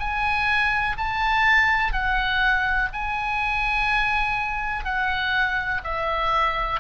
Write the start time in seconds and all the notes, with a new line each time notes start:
0.00 G#5
0.98 A5
1.93 F#5
2.93 G#5
4.85 F#5
5.84 E5